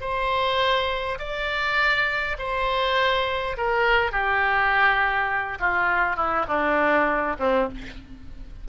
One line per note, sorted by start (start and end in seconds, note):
0.00 1.18 C5
1.18 2.36 D5
2.38 3.56 C5
3.57 4.11 A#4
4.11 5.58 G4
5.59 6.16 F4
6.16 6.45 E4
6.48 7.36 D4
7.39 7.68 C4